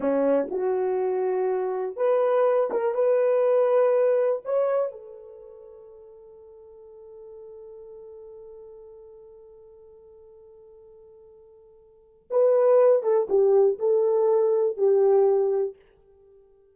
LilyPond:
\new Staff \with { instrumentName = "horn" } { \time 4/4 \tempo 4 = 122 cis'4 fis'2. | b'4. ais'8 b'2~ | b'4 cis''4 a'2~ | a'1~ |
a'1~ | a'1~ | a'4 b'4. a'8 g'4 | a'2 g'2 | }